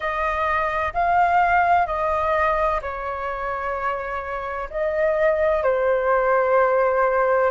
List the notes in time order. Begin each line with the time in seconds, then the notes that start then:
0.00 D#5
0.93 F5
1.86 D#5
2.81 C#5
4.70 D#5
5.62 C5